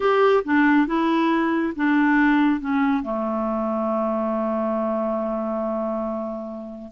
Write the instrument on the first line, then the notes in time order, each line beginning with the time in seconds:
clarinet
0.00 G4
0.44 D4
0.87 E4
1.76 D4
2.60 C#4
3.02 A3